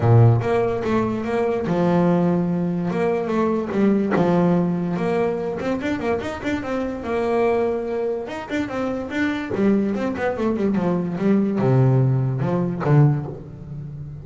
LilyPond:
\new Staff \with { instrumentName = "double bass" } { \time 4/4 \tempo 4 = 145 ais,4 ais4 a4 ais4 | f2. ais4 | a4 g4 f2 | ais4. c'8 d'8 ais8 dis'8 d'8 |
c'4 ais2. | dis'8 d'8 c'4 d'4 g4 | c'8 b8 a8 g8 f4 g4 | c2 f4 d4 | }